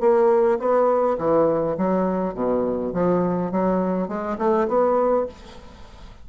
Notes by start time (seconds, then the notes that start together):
0.00 A#3
0.59 B3
1.18 E3
1.77 F#3
2.34 B2
2.93 F3
3.51 F#3
4.08 G#3
4.38 A3
4.68 B3